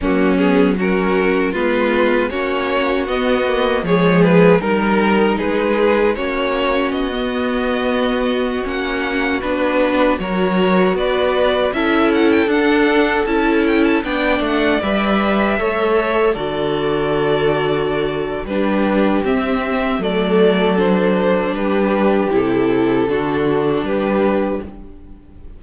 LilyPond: <<
  \new Staff \with { instrumentName = "violin" } { \time 4/4 \tempo 4 = 78 fis'8 gis'8 ais'4 b'4 cis''4 | dis''4 cis''8 b'8 ais'4 b'4 | cis''4 dis''2~ dis''16 fis''8.~ | fis''16 b'4 cis''4 d''4 e''8 fis''16 |
g''16 fis''4 a''8 g''16 a''16 g''8 fis''8 e''8.~ | e''4~ e''16 d''2~ d''8. | b'4 e''4 d''4 c''4 | b'4 a'2 b'4 | }
  \new Staff \with { instrumentName = "violin" } { \time 4/4 cis'4 fis'4 f'4 fis'4~ | fis'4 gis'4 ais'4 gis'4 | fis'1~ | fis'4~ fis'16 ais'4 b'4 a'8.~ |
a'2~ a'16 d''4.~ d''16~ | d''16 cis''4 a'2~ a'8. | g'2 a'2 | g'2 fis'4 g'4 | }
  \new Staff \with { instrumentName = "viola" } { \time 4/4 ais8 b8 cis'4 b4 cis'4 | b8 ais8 gis4 dis'2 | cis'4~ cis'16 b2 cis'8.~ | cis'16 d'4 fis'2 e'8.~ |
e'16 d'4 e'4 d'4 b'8.~ | b'16 a'4 fis'2~ fis'8. | d'4 c'4 a4 d'4~ | d'4 e'4 d'2 | }
  \new Staff \with { instrumentName = "cello" } { \time 4/4 fis2 gis4 ais4 | b4 f4 g4 gis4 | ais4 b2~ b16 ais8.~ | ais16 b4 fis4 b4 cis'8.~ |
cis'16 d'4 cis'4 b8 a8 g8.~ | g16 a4 d2~ d8. | g4 c'4 fis2 | g4 c4 d4 g4 | }
>>